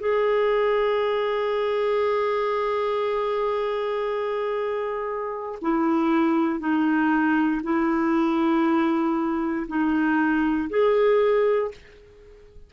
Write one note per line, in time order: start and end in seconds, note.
0.00 5.59 G#4
5.62 6.60 E4
6.60 7.61 D#4
7.64 9.67 E4
9.67 10.69 D#4
10.70 11.71 G#4